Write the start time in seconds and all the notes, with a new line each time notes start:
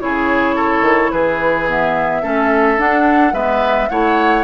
0.00 C#3 E4 G#4 C#5
0.55 A4
0.81 D#3
1.11 E3 G#4 B4
1.68 B3 E5
2.22 A3 C#4 A4
2.78 D4 F#5
3.33 G#3 B3 B4 E5
3.89 A3 E4 C#5 F#5